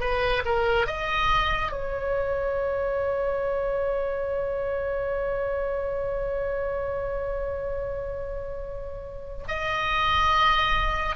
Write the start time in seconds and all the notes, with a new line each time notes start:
0.00 B4
0.45 A#4
0.86 D#5
1.71 C#5
9.48 D#5